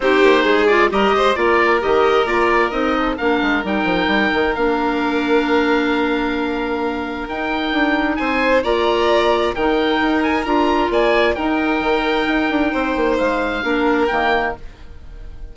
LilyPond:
<<
  \new Staff \with { instrumentName = "oboe" } { \time 4/4 \tempo 4 = 132 c''4. d''8 dis''4 d''4 | dis''4 d''4 dis''4 f''4 | g''2 f''2~ | f''1 |
g''2 gis''4 ais''4~ | ais''4 g''4. gis''8 ais''4 | gis''4 g''2.~ | g''4 f''2 g''4 | }
  \new Staff \with { instrumentName = "violin" } { \time 4/4 g'4 gis'4 ais'8 c''8 ais'4~ | ais'2~ ais'8 a'8 ais'4~ | ais'1~ | ais'1~ |
ais'2 c''4 d''4~ | d''4 ais'2. | d''4 ais'2. | c''2 ais'2 | }
  \new Staff \with { instrumentName = "clarinet" } { \time 4/4 dis'4. f'8 g'4 f'4 | g'4 f'4 dis'4 d'4 | dis'2 d'2~ | d'1 |
dis'2. f'4~ | f'4 dis'2 f'4~ | f'4 dis'2.~ | dis'2 d'4 ais4 | }
  \new Staff \with { instrumentName = "bassoon" } { \time 4/4 c'8 ais8 gis4 g8 gis8 ais4 | dis4 ais4 c'4 ais8 gis8 | g8 f8 g8 dis8 ais2~ | ais1 |
dis'4 d'4 c'4 ais4~ | ais4 dis4 dis'4 d'4 | ais4 dis'4 dis4 dis'8 d'8 | c'8 ais8 gis4 ais4 dis4 | }
>>